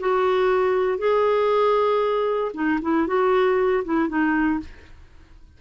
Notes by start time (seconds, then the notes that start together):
0.00 F#4
0.99 G#4
2.54 D#4
2.82 E4
3.07 F#4
3.85 E4
4.09 D#4